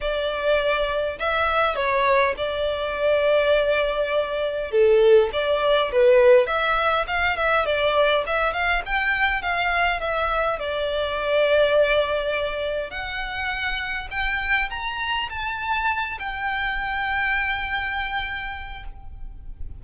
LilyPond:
\new Staff \with { instrumentName = "violin" } { \time 4/4 \tempo 4 = 102 d''2 e''4 cis''4 | d''1 | a'4 d''4 b'4 e''4 | f''8 e''8 d''4 e''8 f''8 g''4 |
f''4 e''4 d''2~ | d''2 fis''2 | g''4 ais''4 a''4. g''8~ | g''1 | }